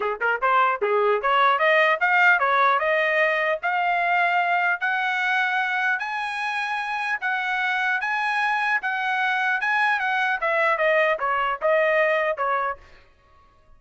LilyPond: \new Staff \with { instrumentName = "trumpet" } { \time 4/4 \tempo 4 = 150 gis'8 ais'8 c''4 gis'4 cis''4 | dis''4 f''4 cis''4 dis''4~ | dis''4 f''2. | fis''2. gis''4~ |
gis''2 fis''2 | gis''2 fis''2 | gis''4 fis''4 e''4 dis''4 | cis''4 dis''2 cis''4 | }